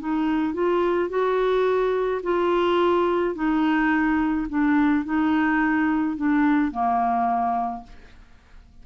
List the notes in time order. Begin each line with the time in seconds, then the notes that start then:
0.00 D#4
0.54 F4
1.10 F#4
2.23 F4
3.35 D#4
4.49 D4
5.05 D#4
6.17 D4
6.72 A#3